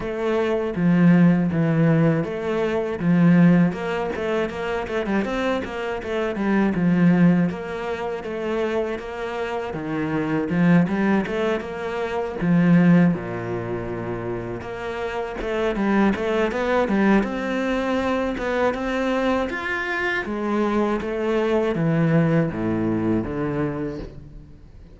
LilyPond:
\new Staff \with { instrumentName = "cello" } { \time 4/4 \tempo 4 = 80 a4 f4 e4 a4 | f4 ais8 a8 ais8 a16 g16 c'8 ais8 | a8 g8 f4 ais4 a4 | ais4 dis4 f8 g8 a8 ais8~ |
ais8 f4 ais,2 ais8~ | ais8 a8 g8 a8 b8 g8 c'4~ | c'8 b8 c'4 f'4 gis4 | a4 e4 a,4 d4 | }